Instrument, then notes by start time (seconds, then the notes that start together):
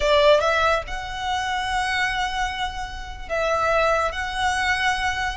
violin
0.00 D5
0.40 E5
0.87 F#5
3.28 E5
4.12 F#5